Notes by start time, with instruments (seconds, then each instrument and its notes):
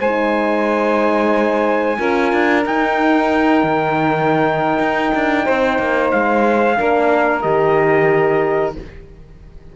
0.00 cello G#3, horn D#4, saxophone C5, trumpet G#5
1.98 cello C#4, horn F4, saxophone A#4
2.33 cello D4
2.66 horn D#4, cello D#4, trumpet G5
3.63 cello D#3
4.79 cello D#4
5.15 cello D4
5.45 cello C4, saxophone C5
5.79 cello A#3
6.11 cello G#3, trumpet F5
6.76 cello A#3, horn D4, saxophone A#4
7.42 cello D#3, horn G4, trumpet D#5